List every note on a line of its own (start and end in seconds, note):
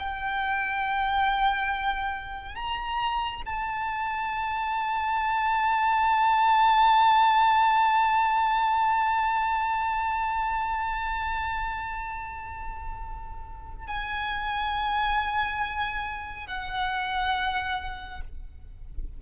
0.00 2.56 G5
2.56 3.43 A#5
3.46 13.87 A5
13.87 16.47 G#5
16.47 18.21 F#5